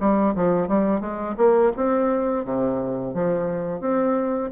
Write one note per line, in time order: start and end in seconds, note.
0.00 0.35 G3
0.35 0.68 F3
0.68 1.01 G3
1.01 1.35 G#3
1.37 1.72 A#3
1.77 2.45 C4
2.45 3.14 C3
3.14 3.81 F3
3.81 4.50 C4